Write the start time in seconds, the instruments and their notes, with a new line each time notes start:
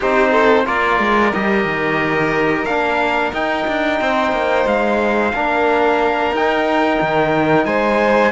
0.00 cello C4, trombone D#4, violin G4, trumpet C5
0.31 violin A4
0.65 cello A#3, trombone F4, violin A#4, trumpet D5
0.99 cello G#3
1.33 cello G3, trombone G4, trumpet D#5
1.65 cello D#3
2.65 cello A#3, trombone D4, trumpet F5
3.33 cello D#4, trombone D#4, trumpet G5
3.67 cello D4
4.00 cello C4, violin C5
4.32 cello A#3
4.66 cello G#3, trumpet F5
5.33 cello A#3, trombone D4, violin A#4
6.31 cello D#4, trombone D#4, trumpet G5
7.01 cello D#3
7.65 cello G#3, violin C5, trumpet G#5